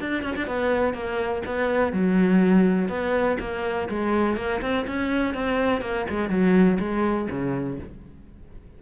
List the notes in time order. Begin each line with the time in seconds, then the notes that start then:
0.00 D4
0.23 C#4
0.36 D4
0.47 B3
0.94 A#3
1.46 B3
1.92 F#3
2.88 B3
3.40 A#3
3.89 G#3
4.37 A#3
4.61 C4
4.87 C#4
5.34 C4
5.81 A#3
6.10 G#3
6.29 F#3
6.79 G#3
7.30 C#3